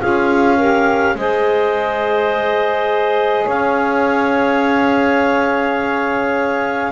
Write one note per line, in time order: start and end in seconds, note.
0.00 1.15 C#4
0.00 0.58 F4
0.00 0.57 G#4
0.00 1.17 F5
0.57 1.16 G4
0.57 1.15 A#4
1.15 3.46 G#3
1.15 6.93 G#4
1.15 3.46 C5
1.15 3.49 D#5
3.46 6.93 C#4
3.46 6.92 C#5
3.46 6.93 F5